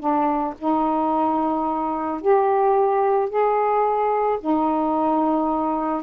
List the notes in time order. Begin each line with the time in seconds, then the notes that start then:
0.00 D4
0.59 D#4
2.22 G4
3.30 G#4
4.41 D#4